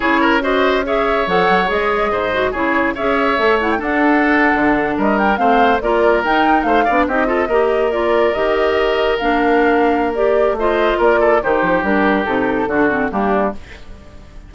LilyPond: <<
  \new Staff \with { instrumentName = "flute" } { \time 4/4 \tempo 4 = 142 cis''4 dis''4 e''4 fis''4 | dis''2 cis''4 e''4~ | e''8 fis''16 g''16 fis''2~ fis''8. dis''16~ | dis''16 g''8 f''4 d''4 g''4 f''16~ |
f''8. dis''2 d''4 dis''16~ | dis''4.~ dis''16 f''2~ f''16 | d''4 dis''4 d''4 c''4 | ais'4 a'2 g'4 | }
  \new Staff \with { instrumentName = "oboe" } { \time 4/4 gis'8 ais'8 c''4 cis''2~ | cis''4 c''4 gis'4 cis''4~ | cis''4 a'2~ a'8. ais'16~ | ais'8. c''4 ais'2 c''16~ |
c''16 d''8 g'8 a'8 ais'2~ ais'16~ | ais'1~ | ais'4 c''4 ais'8 a'8 g'4~ | g'2 fis'4 d'4 | }
  \new Staff \with { instrumentName = "clarinet" } { \time 4/4 e'4 fis'4 gis'4 a'4 | gis'4. fis'8 e'4 gis'4 | a'8 e'8 d'2.~ | d'8. c'4 f'4 dis'4~ dis'16~ |
dis'16 d'8 dis'8 f'8 g'4 f'4 g'16~ | g'4.~ g'16 d'2~ d'16 | g'4 f'2 dis'4 | d'4 dis'4 d'8 c'8 ais4 | }
  \new Staff \with { instrumentName = "bassoon" } { \time 4/4 cis'2. f8 fis8 | gis4 gis,4 cis4 cis'4 | a4 d'4.~ d'16 d4 g16~ | g8. a4 ais4 dis'4 a16~ |
a16 b8 c'4 ais2 dis16~ | dis4.~ dis16 ais2~ ais16~ | ais4 a4 ais4 dis8 f8 | g4 c4 d4 g4 | }
>>